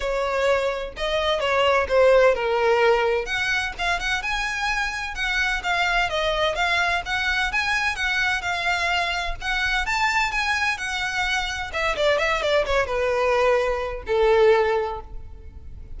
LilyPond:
\new Staff \with { instrumentName = "violin" } { \time 4/4 \tempo 4 = 128 cis''2 dis''4 cis''4 | c''4 ais'2 fis''4 | f''8 fis''8 gis''2 fis''4 | f''4 dis''4 f''4 fis''4 |
gis''4 fis''4 f''2 | fis''4 a''4 gis''4 fis''4~ | fis''4 e''8 d''8 e''8 d''8 cis''8 b'8~ | b'2 a'2 | }